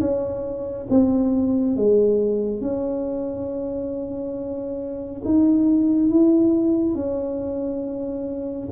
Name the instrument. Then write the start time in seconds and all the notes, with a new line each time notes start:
tuba
0.00 C#4
0.90 C4
1.76 G#3
2.60 C#4
5.24 D#4
6.10 E4
6.94 C#4